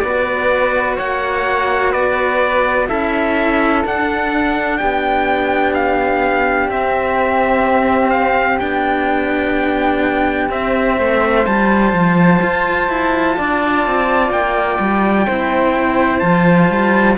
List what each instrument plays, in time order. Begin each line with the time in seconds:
0.00 cello B3 F#4, flute B4, trumpet D5
0.97 cello A#3, flute C#5, trumpet F#5
1.92 cello B3, flute B4, trumpet D5
2.88 cello C#4 E4, flute A4, trumpet E5
3.85 cello D4, trumpet F#5
4.78 cello B3, flute G4, trumpet G5
5.75 trumpet F5
6.69 cello C4, trumpet E5
8.10 trumpet F5
8.60 cello B3 D4, trumpet G5
10.50 cello C4, trumpet E5
10.98 cello A3, flute C5
11.46 cello G3 F4, trumpet A5
11.93 cello F3
12.42 cello F4
12.89 cello E4
13.38 cello D4, flute D5
13.87 cello C4
14.31 cello A#3, trumpet G5
14.80 cello G3
15.26 cello C4 E4, flute C5
16.20 cello F3 F4, trumpet A5
16.70 cello G3